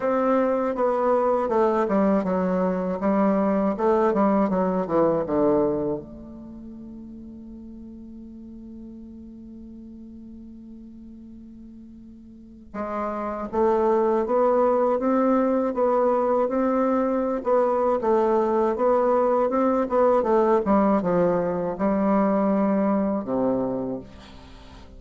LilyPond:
\new Staff \with { instrumentName = "bassoon" } { \time 4/4 \tempo 4 = 80 c'4 b4 a8 g8 fis4 | g4 a8 g8 fis8 e8 d4 | a1~ | a1~ |
a4 gis4 a4 b4 | c'4 b4 c'4~ c'16 b8. | a4 b4 c'8 b8 a8 g8 | f4 g2 c4 | }